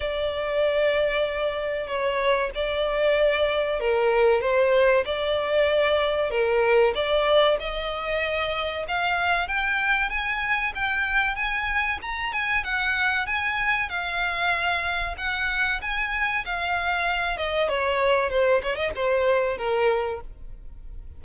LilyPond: \new Staff \with { instrumentName = "violin" } { \time 4/4 \tempo 4 = 95 d''2. cis''4 | d''2 ais'4 c''4 | d''2 ais'4 d''4 | dis''2 f''4 g''4 |
gis''4 g''4 gis''4 ais''8 gis''8 | fis''4 gis''4 f''2 | fis''4 gis''4 f''4. dis''8 | cis''4 c''8 cis''16 dis''16 c''4 ais'4 | }